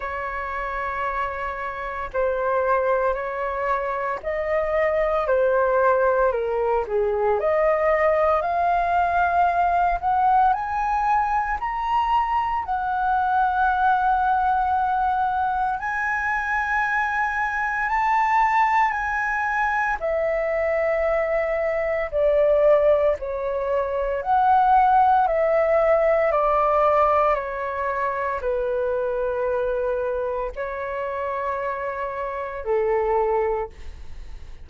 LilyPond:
\new Staff \with { instrumentName = "flute" } { \time 4/4 \tempo 4 = 57 cis''2 c''4 cis''4 | dis''4 c''4 ais'8 gis'8 dis''4 | f''4. fis''8 gis''4 ais''4 | fis''2. gis''4~ |
gis''4 a''4 gis''4 e''4~ | e''4 d''4 cis''4 fis''4 | e''4 d''4 cis''4 b'4~ | b'4 cis''2 a'4 | }